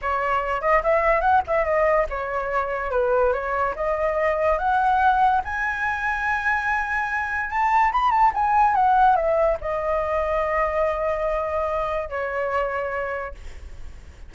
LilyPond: \new Staff \with { instrumentName = "flute" } { \time 4/4 \tempo 4 = 144 cis''4. dis''8 e''4 fis''8 e''8 | dis''4 cis''2 b'4 | cis''4 dis''2 fis''4~ | fis''4 gis''2.~ |
gis''2 a''4 b''8 a''8 | gis''4 fis''4 e''4 dis''4~ | dis''1~ | dis''4 cis''2. | }